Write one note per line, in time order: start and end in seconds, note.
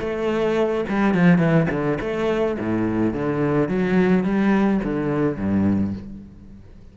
0.00 0.85 A3
0.89 1.15 G3
1.15 1.38 F3
1.38 1.67 E3
1.71 1.99 D3
2.01 2.58 A3
2.59 3.14 A2
3.14 3.69 D3
3.69 4.24 F#3
4.24 4.81 G3
4.84 5.37 D3
5.37 5.94 G2